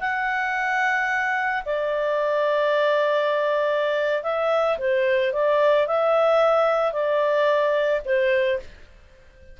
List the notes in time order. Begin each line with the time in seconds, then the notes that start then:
0.00 F#5
1.65 D5
4.23 E5
4.79 C5
5.33 D5
5.87 E5
6.93 D5
8.05 C5